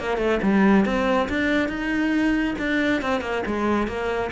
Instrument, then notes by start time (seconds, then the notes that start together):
cello
0.00 A#3
0.18 A3
0.43 G3
0.86 C4
1.29 D4
1.69 D#4
2.59 D4
3.02 C4
3.21 A#3
3.46 G#3
3.88 A#3